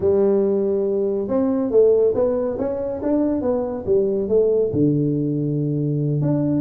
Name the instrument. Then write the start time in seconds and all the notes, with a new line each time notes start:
tuba
0.00 G3
1.28 C4
1.70 A3
2.14 B3
2.58 C#4
3.02 D4
3.41 B3
3.86 G3
4.28 A3
4.73 D3
6.21 D4